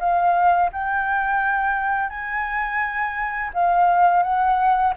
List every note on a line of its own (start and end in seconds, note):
0.00 0.71 F5
0.73 2.10 G5
2.10 3.51 G#5
3.54 4.23 F5
4.23 4.93 F#5